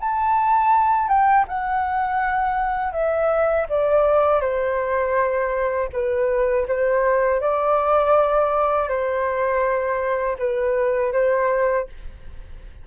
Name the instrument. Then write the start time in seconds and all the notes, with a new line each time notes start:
flute
0.00 A5
1.08 G5
1.48 F#5
2.93 E5
3.69 D5
4.41 C5
5.93 B4
6.68 C5
7.41 D5
8.89 C5
10.39 B4
11.13 C5